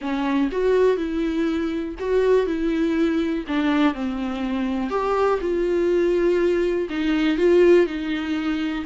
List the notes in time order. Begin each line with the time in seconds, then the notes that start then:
0.01 C#4
0.51 F#4
0.96 E4
1.99 F#4
2.46 E4
3.47 D4
3.93 C4
4.89 G4
5.40 F4
6.89 D#4
7.37 F4
7.86 D#4